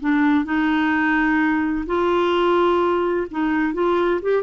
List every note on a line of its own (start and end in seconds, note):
0.00 0.45 D4
0.45 1.85 D#4
1.86 3.27 F4
3.31 3.74 D#4
3.74 4.20 F4
4.22 4.43 G4